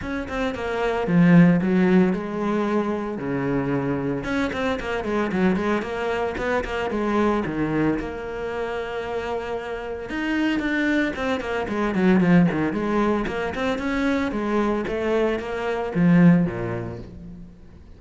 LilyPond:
\new Staff \with { instrumentName = "cello" } { \time 4/4 \tempo 4 = 113 cis'8 c'8 ais4 f4 fis4 | gis2 cis2 | cis'8 c'8 ais8 gis8 fis8 gis8 ais4 | b8 ais8 gis4 dis4 ais4~ |
ais2. dis'4 | d'4 c'8 ais8 gis8 fis8 f8 dis8 | gis4 ais8 c'8 cis'4 gis4 | a4 ais4 f4 ais,4 | }